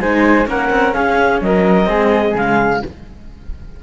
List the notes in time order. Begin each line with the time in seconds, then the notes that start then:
0.00 G#3 D#4 C5 G#5
0.45 A#3 C#4 A#4 F#5
0.70 C4
0.93 C#4 G#4 F5
1.41 F#3 A#4 D#5
1.84 G#3 C4 G#4
2.35 C#3 G#3 F5